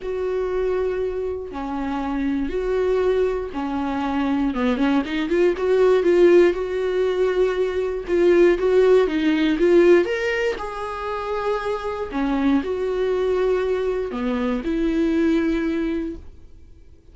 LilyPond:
\new Staff \with { instrumentName = "viola" } { \time 4/4 \tempo 4 = 119 fis'2. cis'4~ | cis'4 fis'2 cis'4~ | cis'4 b8 cis'8 dis'8 f'8 fis'4 | f'4 fis'2. |
f'4 fis'4 dis'4 f'4 | ais'4 gis'2. | cis'4 fis'2. | b4 e'2. | }